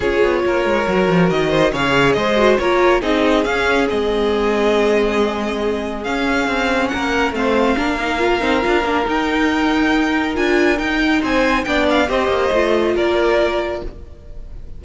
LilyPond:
<<
  \new Staff \with { instrumentName = "violin" } { \time 4/4 \tempo 4 = 139 cis''2. dis''4 | f''4 dis''4 cis''4 dis''4 | f''4 dis''2.~ | dis''2 f''2 |
fis''4 f''2.~ | f''4 g''2. | gis''4 g''4 gis''4 g''8 f''8 | dis''2 d''2 | }
  \new Staff \with { instrumentName = "violin" } { \time 4/4 gis'4 ais'2~ ais'8 c''8 | cis''4 c''4 ais'4 gis'4~ | gis'1~ | gis'1 |
ais'4 c''4 ais'2~ | ais'1~ | ais'2 c''4 d''4 | c''2 ais'2 | }
  \new Staff \with { instrumentName = "viola" } { \time 4/4 f'2 fis'2 | gis'4. fis'8 f'4 dis'4 | cis'4 c'2.~ | c'2 cis'2~ |
cis'4 c'4 d'8 dis'8 f'8 dis'8 | f'8 d'8 dis'2. | f'4 dis'2 d'4 | g'4 f'2. | }
  \new Staff \with { instrumentName = "cello" } { \time 4/4 cis'8 b8 ais8 gis8 fis8 f8 dis4 | cis4 gis4 ais4 c'4 | cis'4 gis2.~ | gis2 cis'4 c'4 |
ais4 a4 ais4. c'8 | d'8 ais8 dis'2. | d'4 dis'4 c'4 b4 | c'8 ais8 a4 ais2 | }
>>